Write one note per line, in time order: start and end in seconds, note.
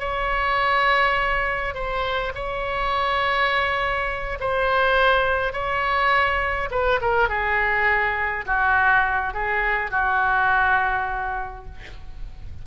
0.00 1.75 C#5
1.75 2.33 C5
2.35 4.39 C#5
4.40 5.53 C5
5.53 6.70 C#5
6.71 7.00 B4
7.01 7.29 A#4
7.29 8.46 G#4
8.47 9.34 F#4
9.34 9.91 G#4
9.91 11.66 F#4